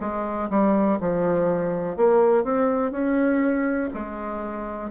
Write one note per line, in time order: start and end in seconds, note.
0.00 0.49 G#3
0.50 0.99 G3
1.00 1.97 F3
1.97 2.44 A#3
2.44 2.92 C4
2.92 3.90 C#4
3.94 4.90 G#3